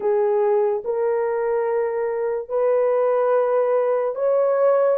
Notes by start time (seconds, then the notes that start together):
0.00 G#4
0.84 A#4
2.48 B4
4.15 C#5